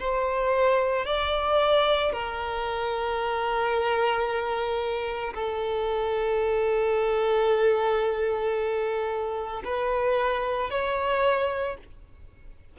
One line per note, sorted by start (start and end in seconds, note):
0.00 1.06 C5
1.06 2.12 D5
2.12 5.34 A#4
5.34 9.63 A4
9.65 10.70 B4
10.70 11.77 C#5